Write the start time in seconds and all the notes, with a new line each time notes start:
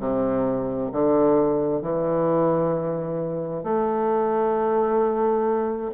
0.00 C3
0.92 D3
1.81 E3
3.63 A3